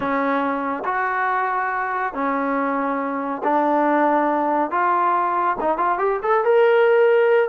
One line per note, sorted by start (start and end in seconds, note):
0.00 0.83 C#4
0.85 2.13 F#4
2.13 3.42 C#4
3.43 4.70 D4
4.70 5.56 F4
5.60 5.77 D#4
5.77 5.98 F4
5.98 6.19 G4
6.22 6.44 A4
6.44 7.49 A#4